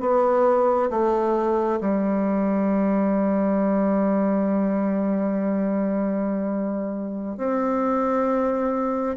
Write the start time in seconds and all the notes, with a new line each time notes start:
0.00 B3
0.90 A3
1.80 G3
7.37 C4